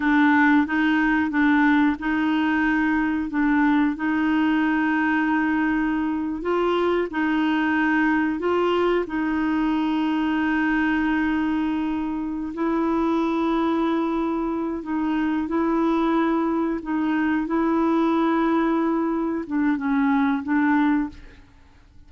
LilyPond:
\new Staff \with { instrumentName = "clarinet" } { \time 4/4 \tempo 4 = 91 d'4 dis'4 d'4 dis'4~ | dis'4 d'4 dis'2~ | dis'4.~ dis'16 f'4 dis'4~ dis'16~ | dis'8. f'4 dis'2~ dis'16~ |
dis'2. e'4~ | e'2~ e'8 dis'4 e'8~ | e'4. dis'4 e'4.~ | e'4. d'8 cis'4 d'4 | }